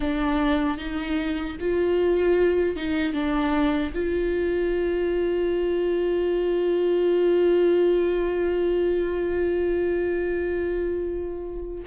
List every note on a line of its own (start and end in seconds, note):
0.00 0.77 D4
0.77 1.56 D#4
1.60 2.76 F4
2.76 3.13 D#4
3.13 3.92 D4
3.94 11.83 F4